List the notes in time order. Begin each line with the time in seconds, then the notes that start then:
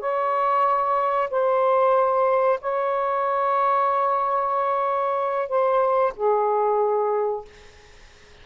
0.00 C#5
1.30 C5
2.61 C#5
5.49 C5
6.16 G#4